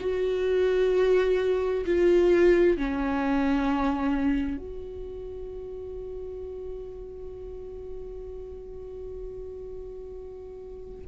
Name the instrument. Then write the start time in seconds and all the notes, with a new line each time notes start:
viola
0.00 F#4
1.85 F4
2.77 C#4
4.57 F#4